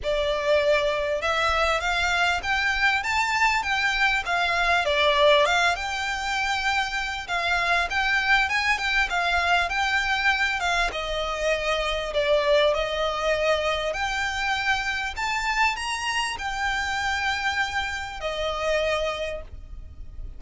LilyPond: \new Staff \with { instrumentName = "violin" } { \time 4/4 \tempo 4 = 99 d''2 e''4 f''4 | g''4 a''4 g''4 f''4 | d''4 f''8 g''2~ g''8 | f''4 g''4 gis''8 g''8 f''4 |
g''4. f''8 dis''2 | d''4 dis''2 g''4~ | g''4 a''4 ais''4 g''4~ | g''2 dis''2 | }